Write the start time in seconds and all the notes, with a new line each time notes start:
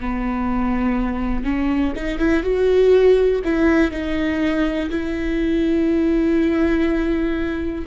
0.00 B3
1.44 C#4
1.95 D#4
2.18 E4
2.43 F#4
3.44 E4
3.91 D#4
4.90 E4